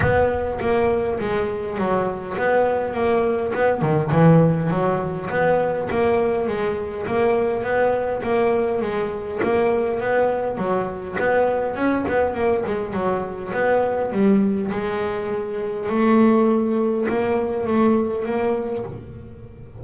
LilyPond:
\new Staff \with { instrumentName = "double bass" } { \time 4/4 \tempo 4 = 102 b4 ais4 gis4 fis4 | b4 ais4 b8 dis8 e4 | fis4 b4 ais4 gis4 | ais4 b4 ais4 gis4 |
ais4 b4 fis4 b4 | cis'8 b8 ais8 gis8 fis4 b4 | g4 gis2 a4~ | a4 ais4 a4 ais4 | }